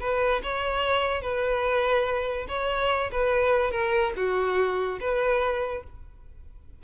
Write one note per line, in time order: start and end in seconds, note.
0.00 0.42 B4
0.43 1.22 C#5
1.22 2.47 B4
2.48 3.11 C#5
3.11 3.71 B4
3.71 4.13 A#4
4.16 4.99 F#4
5.00 5.83 B4